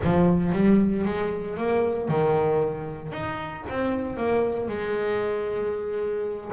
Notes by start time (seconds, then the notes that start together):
0.04 F3
0.52 G3
1.04 G#3
1.57 A#3
2.08 D#3
3.12 D#4
3.69 C4
4.16 A#3
4.68 G#3